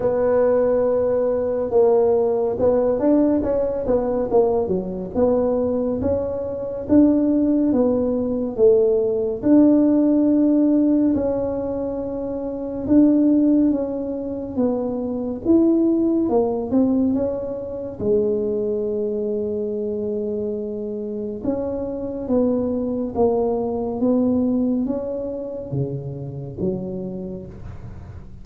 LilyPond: \new Staff \with { instrumentName = "tuba" } { \time 4/4 \tempo 4 = 70 b2 ais4 b8 d'8 | cis'8 b8 ais8 fis8 b4 cis'4 | d'4 b4 a4 d'4~ | d'4 cis'2 d'4 |
cis'4 b4 e'4 ais8 c'8 | cis'4 gis2.~ | gis4 cis'4 b4 ais4 | b4 cis'4 cis4 fis4 | }